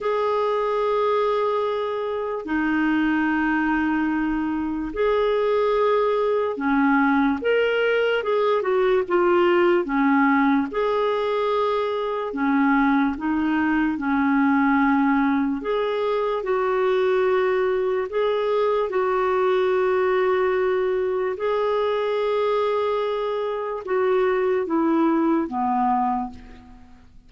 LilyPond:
\new Staff \with { instrumentName = "clarinet" } { \time 4/4 \tempo 4 = 73 gis'2. dis'4~ | dis'2 gis'2 | cis'4 ais'4 gis'8 fis'8 f'4 | cis'4 gis'2 cis'4 |
dis'4 cis'2 gis'4 | fis'2 gis'4 fis'4~ | fis'2 gis'2~ | gis'4 fis'4 e'4 b4 | }